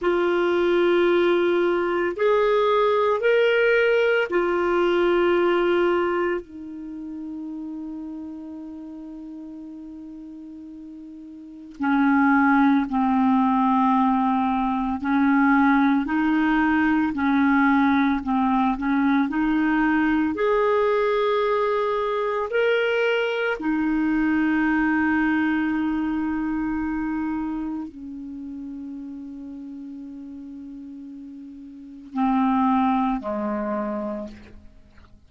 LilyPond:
\new Staff \with { instrumentName = "clarinet" } { \time 4/4 \tempo 4 = 56 f'2 gis'4 ais'4 | f'2 dis'2~ | dis'2. cis'4 | c'2 cis'4 dis'4 |
cis'4 c'8 cis'8 dis'4 gis'4~ | gis'4 ais'4 dis'2~ | dis'2 cis'2~ | cis'2 c'4 gis4 | }